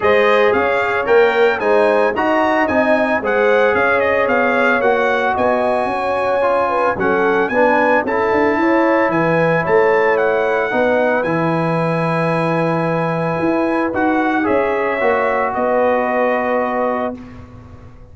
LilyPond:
<<
  \new Staff \with { instrumentName = "trumpet" } { \time 4/4 \tempo 4 = 112 dis''4 f''4 g''4 gis''4 | ais''4 gis''4 fis''4 f''8 dis''8 | f''4 fis''4 gis''2~ | gis''4 fis''4 gis''4 a''4~ |
a''4 gis''4 a''4 fis''4~ | fis''4 gis''2.~ | gis''2 fis''4 e''4~ | e''4 dis''2. | }
  \new Staff \with { instrumentName = "horn" } { \time 4/4 c''4 cis''2 c''4 | dis''2 c''4 cis''4~ | cis''2 dis''4 cis''4~ | cis''8 b'8 a'4 b'4 a'4 |
cis''4 b'4 cis''2 | b'1~ | b'2. cis''4~ | cis''4 b'2. | }
  \new Staff \with { instrumentName = "trombone" } { \time 4/4 gis'2 ais'4 dis'4 | fis'4 dis'4 gis'2~ | gis'4 fis'2. | f'4 cis'4 d'4 e'4~ |
e'1 | dis'4 e'2.~ | e'2 fis'4 gis'4 | fis'1 | }
  \new Staff \with { instrumentName = "tuba" } { \time 4/4 gis4 cis'4 ais4 gis4 | dis'4 c'4 gis4 cis'4 | b4 ais4 b4 cis'4~ | cis'4 fis4 b4 cis'8 d'8 |
e'4 e4 a2 | b4 e2.~ | e4 e'4 dis'4 cis'4 | ais4 b2. | }
>>